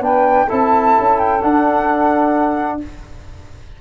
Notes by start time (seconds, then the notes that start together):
0.00 B3 D4 B4 G5
0.46 C4 E4 A4 A5
0.99 C#4
1.18 G5
1.41 D4 F#5